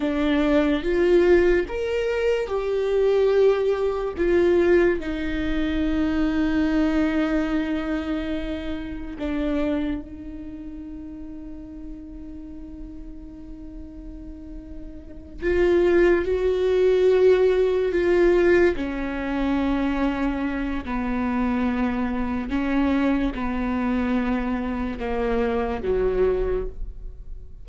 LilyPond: \new Staff \with { instrumentName = "viola" } { \time 4/4 \tempo 4 = 72 d'4 f'4 ais'4 g'4~ | g'4 f'4 dis'2~ | dis'2. d'4 | dis'1~ |
dis'2~ dis'8 f'4 fis'8~ | fis'4. f'4 cis'4.~ | cis'4 b2 cis'4 | b2 ais4 fis4 | }